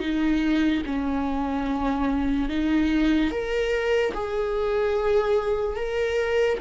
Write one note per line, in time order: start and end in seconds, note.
0.00 0.82 D#4
0.86 2.49 C#4
2.49 3.31 D#4
3.31 4.14 A#4
4.14 5.76 G#4
5.76 6.59 A#4